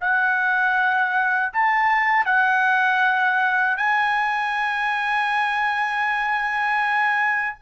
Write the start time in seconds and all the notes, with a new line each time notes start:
0.00 F#5
1.53 A5
2.25 F#5
3.77 G#5